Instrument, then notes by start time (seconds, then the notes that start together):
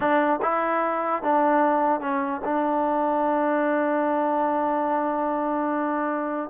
trombone
0.00 D4
0.42 E4
1.22 D4
2.00 C#4
2.44 D4